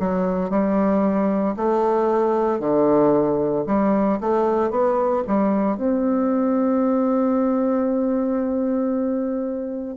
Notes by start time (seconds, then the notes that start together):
0.00 F#3
0.50 G3
1.56 A3
2.60 D3
3.67 G3
4.21 A3
4.71 B3
5.27 G3
5.78 C4